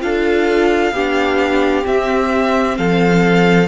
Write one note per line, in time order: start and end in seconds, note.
0.00 0.91 D4
0.00 0.92 F4
0.00 0.93 A4
0.00 1.86 F5
0.91 1.83 B3
0.91 1.82 D4
0.91 2.77 G4
1.82 3.67 C4
1.82 2.78 C4
1.82 2.77 E5
2.77 3.67 F3
2.77 3.67 A4
2.77 3.67 F5